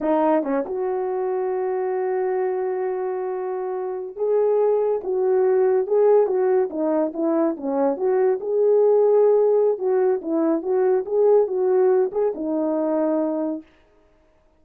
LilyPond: \new Staff \with { instrumentName = "horn" } { \time 4/4 \tempo 4 = 141 dis'4 cis'8 fis'2~ fis'8~ | fis'1~ | fis'4.~ fis'16 gis'2 fis'16~ | fis'4.~ fis'16 gis'4 fis'4 dis'16~ |
dis'8. e'4 cis'4 fis'4 gis'16~ | gis'2. fis'4 | e'4 fis'4 gis'4 fis'4~ | fis'8 gis'8 dis'2. | }